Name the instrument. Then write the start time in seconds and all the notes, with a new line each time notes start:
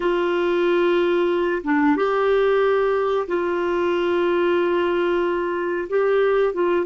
clarinet
0.00 F4
1.63 D4
1.96 G4
3.27 F4
5.89 G4
6.53 F4